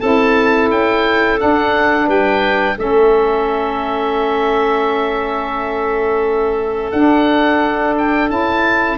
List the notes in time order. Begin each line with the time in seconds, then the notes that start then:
0.00 C4 E4 A4 A5
0.70 C#4 G5
1.37 D4 F#5
2.06 G3 B4 G5
2.77 A3 C#4 A4 E5
6.91 D4 F#5
7.97 G5
8.28 C#4 E4 A5